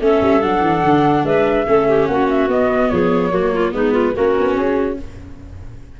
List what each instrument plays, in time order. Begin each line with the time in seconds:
0.00 tuba A3, viola C#4, clarinet A4, flute E5
0.21 tuba G3
0.41 tuba F#3, viola D4, flute F#5
0.60 tuba E3
0.84 tuba D3
1.23 tuba G#3, clarinet B4, flute E5
1.67 tuba A3, viola C#4, clarinet A4
1.88 clarinet G4
2.06 tuba A#3, clarinet F#4, flute F#5
2.29 flute E5
2.47 tuba B3, viola B3, flute D#5
2.89 tuba F3, clarinet G#4, flute C#5
3.31 tuba F#3, viola A#3, clarinet F#4
3.52 clarinet F4
3.71 tuba G#3, viola B3, clarinet D#4, flute B4
3.92 clarinet F4
4.14 tuba A#3, viola C#4, clarinet F#4, flute A#4
4.39 tuba B3
4.56 tuba C#4, flute G#4